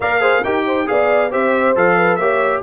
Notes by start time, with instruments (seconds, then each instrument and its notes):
0.00 tuba A#3, trombone A#4, horn D5, trumpet F5
0.20 trombone G#4, horn C5
0.43 tuba D#4, trombone G4, horn A#4, trumpet G5
0.66 horn C5
0.86 tuba B3, trombone G#4, horn D5, trumpet F5
1.30 tuba C4, trombone G4, horn C5, trumpet E5
1.75 tuba F3, trombone A4, trumpet F5
1.96 horn B4
2.16 tuba A#3, trombone G4, horn C#5, trumpet E5